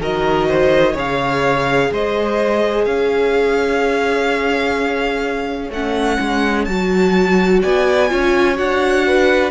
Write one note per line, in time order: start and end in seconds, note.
0.00 0.95 D#3
0.00 0.95 F#4
0.00 0.48 A#4
0.00 0.97 D#5
0.49 0.93 C5
0.93 1.91 C#3
0.93 5.71 G#4
0.93 1.88 C#5
0.93 1.94 F5
1.92 2.86 G#3
1.92 2.87 C5
1.92 2.86 D#5
2.86 5.70 C#4
2.86 7.62 C#5
2.86 5.71 F5
5.70 6.18 A3
5.70 6.69 C#4
5.70 6.65 F#5
6.21 6.68 G#3
6.65 7.63 F#3
6.65 8.10 F#4
6.65 7.61 A5
7.62 8.12 B3
7.62 8.10 D5
7.62 8.58 G#5
8.10 8.59 C#4
8.10 8.55 F4
8.10 9.08 C#5
8.55 9.52 D4
8.55 9.51 F#4
8.55 9.52 F#5
9.08 9.52 B4